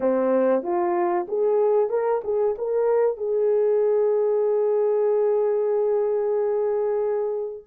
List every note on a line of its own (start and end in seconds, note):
0.00 0.62 C4
0.62 1.26 F4
1.28 1.89 G#4
1.89 2.21 A#4
2.23 2.55 G#4
2.58 3.17 A#4
3.17 7.64 G#4